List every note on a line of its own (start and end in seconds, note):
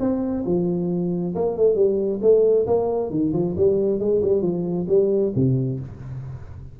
0.00 0.44 C4
0.46 1.35 F3
1.35 1.57 A#3
1.57 1.75 A3
1.75 2.20 G3
2.22 2.66 A3
2.67 3.10 A#3
3.10 3.33 D#3
3.33 3.56 F3
3.57 3.99 G3
3.99 4.22 G#3
4.22 4.42 G3
4.42 4.86 F3
4.88 5.33 G3
5.36 5.80 C3